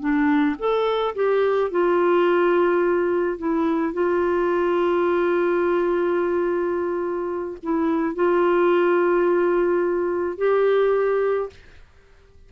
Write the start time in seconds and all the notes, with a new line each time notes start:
0.00 D4
0.59 A4
1.15 G4
1.71 F4
3.38 E4
3.93 F4
7.63 E4
8.15 F4
10.37 G4